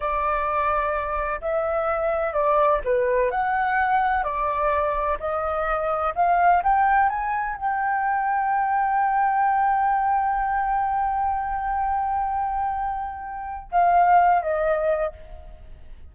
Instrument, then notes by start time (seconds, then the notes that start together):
flute
0.00 D5
1.41 E5
2.33 D5
2.84 B4
3.30 F#5
4.23 D5
5.19 D#5
6.15 F5
6.63 G5
7.09 G#5
7.55 G5
13.71 F5
14.41 D#5